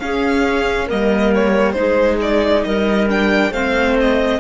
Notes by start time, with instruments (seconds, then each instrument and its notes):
0.00 viola C#4, cello C#4, clarinet G#4, violin F5
0.86 cello G3, viola A#3, clarinet A#4, violin D#5
1.35 violin C#5
1.73 cello G#3, viola D#4, clarinet G#4, violin C5
2.22 violin D5
2.64 cello G3, clarinet A#4, violin D#5
3.09 viola D4, violin G5
3.51 cello A3, viola C4, clarinet C5, violin F5
4.01 violin D#5